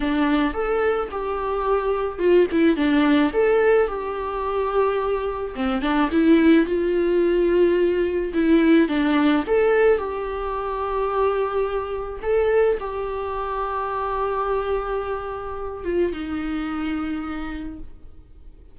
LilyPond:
\new Staff \with { instrumentName = "viola" } { \time 4/4 \tempo 4 = 108 d'4 a'4 g'2 | f'8 e'8 d'4 a'4 g'4~ | g'2 c'8 d'8 e'4 | f'2. e'4 |
d'4 a'4 g'2~ | g'2 a'4 g'4~ | g'1~ | g'8 f'8 dis'2. | }